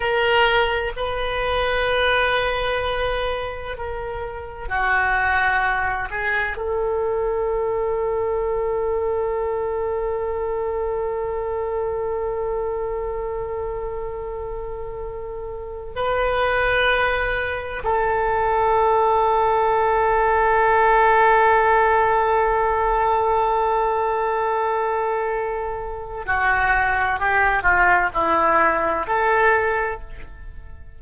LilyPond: \new Staff \with { instrumentName = "oboe" } { \time 4/4 \tempo 4 = 64 ais'4 b'2. | ais'4 fis'4. gis'8 a'4~ | a'1~ | a'1~ |
a'4 b'2 a'4~ | a'1~ | a'1 | fis'4 g'8 f'8 e'4 a'4 | }